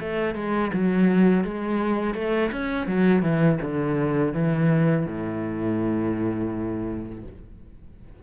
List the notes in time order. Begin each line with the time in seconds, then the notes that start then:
0.00 A3
0.35 G#3
0.73 F#3
1.44 G#3
2.14 A3
2.52 C#4
2.87 F#3
3.22 E3
3.61 D3
4.33 E3
5.06 A2